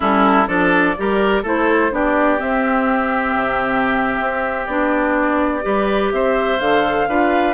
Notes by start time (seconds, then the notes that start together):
0.00 G3 C#4 E4 A4
0.47 F3 D4 A4 D5
0.97 G3 G4 A#4
1.43 A3 E4 A4 C5
1.90 B3 D4 G4 D5
2.38 C4 E5
3.35 C3
4.20 C4
4.66 B3 D4 D5
5.62 G3 G4 B4
6.12 C4 C5 E5
6.59 D3 A4 F5
7.07 D4 F4 B4